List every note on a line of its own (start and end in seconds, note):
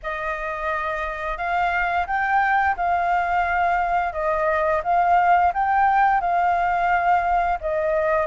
0.02 1.37 D#5
1.37 2.06 F5
2.06 2.75 G5
2.76 4.12 F5
4.12 4.81 D#5
4.83 5.52 F5
5.53 6.20 G5
6.20 7.58 F5
7.61 8.26 D#5